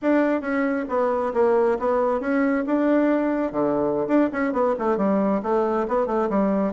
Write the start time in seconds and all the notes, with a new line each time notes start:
0.02 D4
0.41 C#4
0.88 B3
1.33 A#3
1.79 B3
2.20 C#4
2.66 D4
3.52 D3
4.07 D4
4.32 C#4
4.52 B3
4.78 A3
4.97 G3
5.42 A3
5.87 B3
6.06 A3
6.29 G3